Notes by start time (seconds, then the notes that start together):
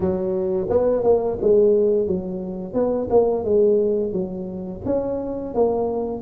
0.00 F#3
0.69 B3
1.03 A#3
1.41 G#3
2.07 F#3
2.73 B3
3.10 A#3
3.44 G#3
4.12 F#3
4.85 C#4
5.54 A#3